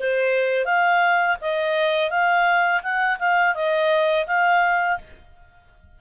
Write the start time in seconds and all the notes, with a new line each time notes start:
0.00 C5
0.65 F5
1.41 D#5
2.10 F5
2.82 F#5
3.19 F5
3.55 D#5
4.27 F5